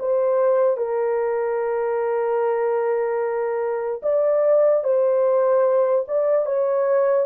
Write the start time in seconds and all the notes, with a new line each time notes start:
0.00 C5
0.77 A#4
4.03 D5
4.84 C5
6.08 D5
6.46 C#5